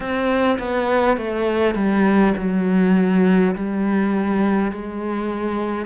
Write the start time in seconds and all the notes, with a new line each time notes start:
0.00 C4
0.58 B3
1.17 A3
1.74 G3
2.37 F#3
3.55 G3
4.71 G#3